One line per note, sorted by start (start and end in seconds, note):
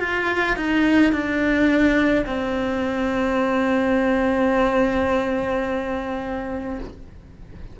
0.00 0.57 F4
0.57 1.12 D#4
1.12 2.25 D4
2.26 6.79 C4